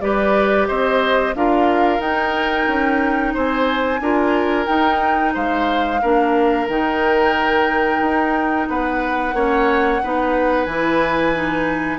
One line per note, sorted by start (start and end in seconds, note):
0.00 0.67 G3
0.00 1.34 G4
0.00 0.67 B4
0.00 0.67 D5
0.67 1.34 C4
0.67 1.34 C5
0.67 1.34 D#5
1.34 1.99 D4
1.34 1.99 F4
1.34 3.33 A#4
1.34 2.00 F5
1.99 2.65 D#4
1.99 3.99 D#4
1.99 3.34 G5
2.67 3.34 C#4
3.33 4.00 C4
3.33 4.00 C5
3.33 4.66 G#5
4.00 4.66 D4
4.00 4.66 F4
4.00 5.33 A#4
4.66 5.99 D#4
4.66 5.34 D#4
4.66 5.32 G5
5.33 6.02 G#3
5.33 6.00 C5
5.33 6.69 F5
6.01 6.68 A#3
6.01 6.68 D4
6.01 8.68 A#4
6.68 8.00 D#3
6.68 9.34 D#4
6.68 8.68 G5
8.00 8.67 D#4
8.68 9.33 B3
8.68 9.35 B4
8.68 10.64 F#5
9.33 10.00 A#3
9.33 10.01 C#4
9.33 10.01 C#5
10.02 10.66 B3
10.02 10.68 D#4
10.02 11.99 B4
10.64 11.99 E3
10.64 11.33 E4
10.64 11.97 G#5
11.33 11.99 D#4